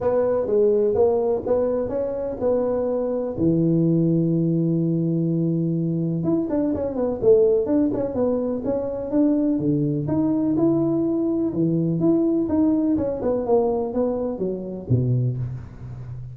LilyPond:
\new Staff \with { instrumentName = "tuba" } { \time 4/4 \tempo 4 = 125 b4 gis4 ais4 b4 | cis'4 b2 e4~ | e1~ | e4 e'8 d'8 cis'8 b8 a4 |
d'8 cis'8 b4 cis'4 d'4 | d4 dis'4 e'2 | e4 e'4 dis'4 cis'8 b8 | ais4 b4 fis4 b,4 | }